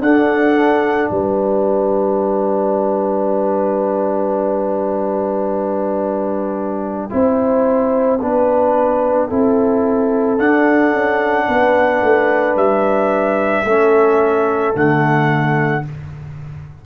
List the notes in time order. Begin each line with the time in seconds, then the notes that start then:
0.00 D4 A4 F#5
1.09 G3 B4 G5
7.10 C4 E4 C5
8.21 B3 D4 B4
9.28 C4 E4 A4
10.38 D4 F#5
10.93 C#4
11.48 B3 B4
12.02 A3
12.56 G3 E5
13.64 A3 C#4 A4
14.73 D3 A3 F#5